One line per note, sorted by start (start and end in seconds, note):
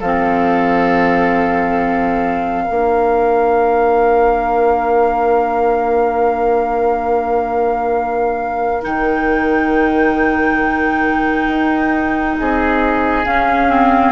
0.00 2.66 F3
0.00 2.67 C4
0.00 2.64 A4
0.00 8.84 F5
2.64 8.85 A#3
2.64 8.82 D4
2.64 12.35 A#4
8.82 11.48 D#3
8.82 13.23 D#4
8.82 12.38 G5
11.48 12.36 D#4
12.38 13.25 C4
12.38 14.12 G#4
12.38 13.25 D#5
13.25 14.12 C#4
13.25 13.70 C#4
13.25 14.12 F5
13.70 14.12 C4